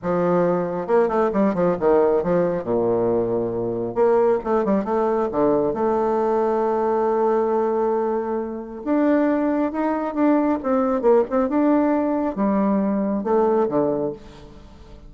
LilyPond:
\new Staff \with { instrumentName = "bassoon" } { \time 4/4 \tempo 4 = 136 f2 ais8 a8 g8 f8 | dis4 f4 ais,2~ | ais,4 ais4 a8 g8 a4 | d4 a2.~ |
a1 | d'2 dis'4 d'4 | c'4 ais8 c'8 d'2 | g2 a4 d4 | }